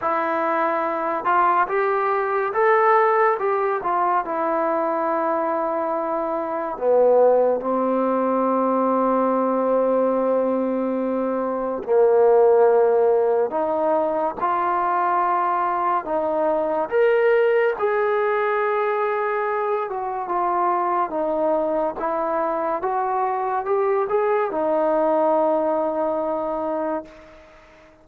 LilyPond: \new Staff \with { instrumentName = "trombone" } { \time 4/4 \tempo 4 = 71 e'4. f'8 g'4 a'4 | g'8 f'8 e'2. | b4 c'2.~ | c'2 ais2 |
dis'4 f'2 dis'4 | ais'4 gis'2~ gis'8 fis'8 | f'4 dis'4 e'4 fis'4 | g'8 gis'8 dis'2. | }